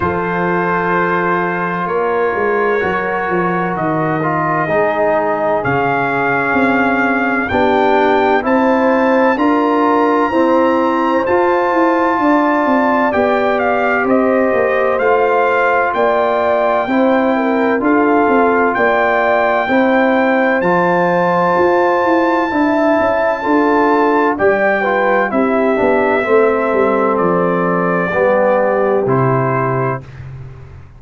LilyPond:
<<
  \new Staff \with { instrumentName = "trumpet" } { \time 4/4 \tempo 4 = 64 c''2 cis''2 | dis''2 f''2 | g''4 a''4 ais''2 | a''2 g''8 f''8 dis''4 |
f''4 g''2 f''4 | g''2 a''2~ | a''2 g''4 e''4~ | e''4 d''2 c''4 | }
  \new Staff \with { instrumentName = "horn" } { \time 4/4 a'2 ais'2~ | ais'4 gis'2. | g'4 c''4 ais'4 c''4~ | c''4 d''2 c''4~ |
c''4 d''4 c''8 ais'8 a'4 | d''4 c''2. | e''4 a'4 d''8 b'8 g'4 | a'2 g'2 | }
  \new Staff \with { instrumentName = "trombone" } { \time 4/4 f'2. fis'4~ | fis'8 f'8 dis'4 cis'2 | d'4 e'4 f'4 c'4 | f'2 g'2 |
f'2 e'4 f'4~ | f'4 e'4 f'2 | e'4 f'4 g'8 f'8 e'8 d'8 | c'2 b4 e'4 | }
  \new Staff \with { instrumentName = "tuba" } { \time 4/4 f2 ais8 gis8 fis8 f8 | dis4 gis4 cis4 c'4 | b4 c'4 d'4 e'4 | f'8 e'8 d'8 c'8 b4 c'8 ais8 |
a4 ais4 c'4 d'8 c'8 | ais4 c'4 f4 f'8 e'8 | d'8 cis'8 d'4 g4 c'8 b8 | a8 g8 f4 g4 c4 | }
>>